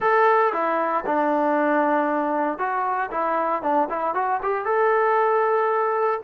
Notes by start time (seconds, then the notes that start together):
0.00 A4
0.52 E4
1.06 D4
2.58 F#4
3.10 E4
3.62 D4
3.89 E4
4.14 F#4
4.42 G4
4.65 A4